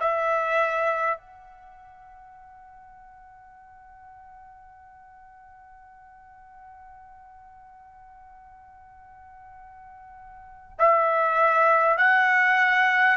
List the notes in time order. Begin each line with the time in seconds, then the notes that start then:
0.00 E5
1.17 F#5
10.78 E5
11.98 F#5